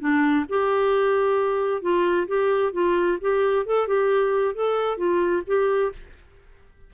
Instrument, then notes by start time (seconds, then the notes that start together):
clarinet
0.00 D4
0.49 G4
1.82 F4
2.28 G4
2.73 F4
3.21 G4
3.66 A4
3.87 G4
4.55 A4
4.98 F4
5.47 G4